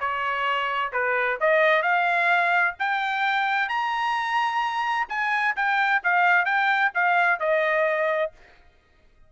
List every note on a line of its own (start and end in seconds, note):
0.00 0.92 C#5
0.93 1.39 B4
1.40 1.83 D#5
1.83 2.75 F5
2.79 3.69 G5
3.69 5.07 A#5
5.09 5.55 G#5
5.56 6.02 G5
6.04 6.45 F5
6.45 6.91 G5
6.94 7.40 F5
7.40 8.32 D#5